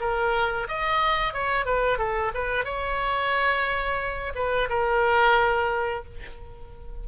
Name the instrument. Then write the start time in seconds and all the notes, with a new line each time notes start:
oboe
0.00 A#4
0.68 D#5
1.33 C#5
1.65 B4
1.98 A4
2.34 B4
2.64 C#5
4.35 B4
4.69 A#4